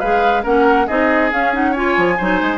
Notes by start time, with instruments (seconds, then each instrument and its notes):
0.00 bassoon G#3, clarinet G#4, oboe B4, flute F5
0.43 bassoon A#3, clarinet C#4, oboe A#4, flute F#5
0.87 bassoon C4, clarinet D#4, oboe G#4, flute D#5
1.32 clarinet C#4, bassoon C#4, flute F5
1.53 clarinet D#4, flute F#5
1.72 clarinet F4, oboe C#5, flute G#5
1.98 bassoon F3
2.18 bassoon F#3, clarinet D#4, oboe C5
2.42 bassoon G#3